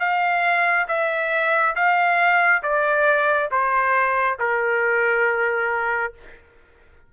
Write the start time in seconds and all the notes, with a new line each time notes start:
0.00 F5
0.89 E5
1.76 F5
2.63 D5
3.52 C5
4.40 A#4